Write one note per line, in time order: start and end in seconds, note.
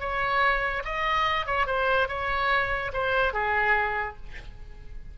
0.00 0.83 C#5
0.85 1.46 D#5
1.46 1.67 C#5
1.67 2.09 C5
2.09 2.92 C#5
2.93 3.34 C5
3.34 4.17 G#4